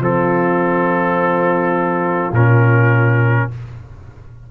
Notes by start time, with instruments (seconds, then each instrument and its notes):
0.00 tuba F3, trombone C4, horn F4, trumpet A4
2.32 tuba A#2, trombone C#4, trumpet A#4